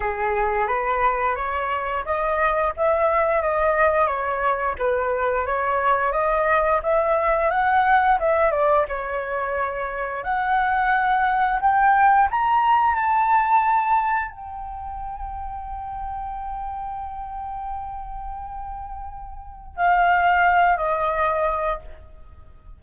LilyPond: \new Staff \with { instrumentName = "flute" } { \time 4/4 \tempo 4 = 88 gis'4 b'4 cis''4 dis''4 | e''4 dis''4 cis''4 b'4 | cis''4 dis''4 e''4 fis''4 | e''8 d''8 cis''2 fis''4~ |
fis''4 g''4 ais''4 a''4~ | a''4 g''2.~ | g''1~ | g''4 f''4. dis''4. | }